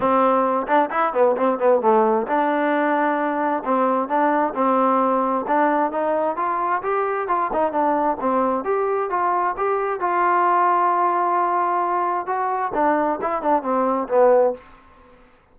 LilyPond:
\new Staff \with { instrumentName = "trombone" } { \time 4/4 \tempo 4 = 132 c'4. d'8 e'8 b8 c'8 b8 | a4 d'2. | c'4 d'4 c'2 | d'4 dis'4 f'4 g'4 |
f'8 dis'8 d'4 c'4 g'4 | f'4 g'4 f'2~ | f'2. fis'4 | d'4 e'8 d'8 c'4 b4 | }